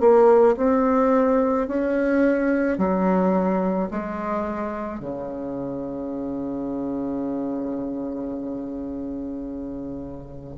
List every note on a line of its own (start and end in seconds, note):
0.00 0.56 A#3
0.57 1.68 C4
1.68 2.78 C#4
2.78 3.89 F#3
3.91 4.99 G#3
4.99 10.55 C#3